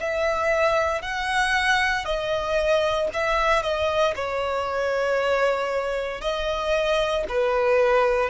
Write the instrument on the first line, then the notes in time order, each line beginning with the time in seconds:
violin
0.00 E5
1.02 F#5
2.05 D#5
3.13 E5
3.62 D#5
4.15 C#5
6.21 D#5
7.28 B4